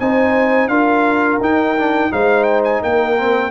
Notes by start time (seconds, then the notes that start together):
0.00 C4 D#4 C5 G#5
0.68 D4 F4 A#4 F5
1.40 D#4 G5
1.78 D4
2.11 G#3 D#4 C5 F5
2.44 G5
2.64 G#5
2.82 A#3 A#4 G5
3.18 C4